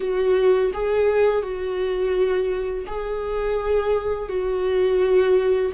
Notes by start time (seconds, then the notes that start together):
0.00 F#4
0.73 G#4
1.42 F#4
2.86 G#4
4.29 F#4